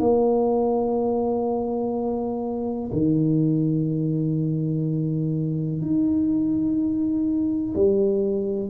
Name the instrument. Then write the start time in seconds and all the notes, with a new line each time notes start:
tuba
0.00 A#3
2.93 D#3
5.82 D#4
7.75 G3